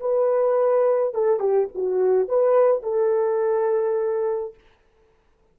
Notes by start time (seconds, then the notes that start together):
0.00 B4
1.14 A4
1.40 G4
1.75 F#4
2.29 B4
2.83 A4